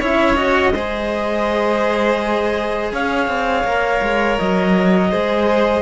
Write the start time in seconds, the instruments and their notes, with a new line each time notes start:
0.00 cello C#4 E4, violin C#5, clarinet E5
0.36 cello F#4, clarinet D#5
0.73 cello G#3 G#4, violin C5
2.93 cello C#4, violin C#5, clarinet F5
3.28 cello C4
3.65 cello A#3 A#4
4.02 cello G#3
4.39 cello F#3, clarinet D#5
5.11 cello G#3 G#4, violin C5